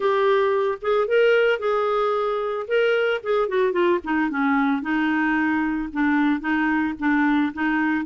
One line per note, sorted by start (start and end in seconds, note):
0.00 0.78 G4
0.81 1.07 G#4
1.07 1.59 A#4
1.59 2.66 G#4
2.67 3.21 A#4
3.23 3.48 G#4
3.48 3.72 F#4
3.72 3.99 F4
4.04 4.30 D#4
4.30 4.82 C#4
4.82 5.89 D#4
5.92 6.40 D4
6.40 6.94 D#4
6.99 7.52 D4
7.53 8.05 D#4